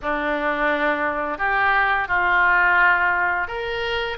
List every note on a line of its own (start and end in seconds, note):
0.02 1.38 D4
1.38 2.07 G4
2.08 3.47 F4
3.47 4.17 A#4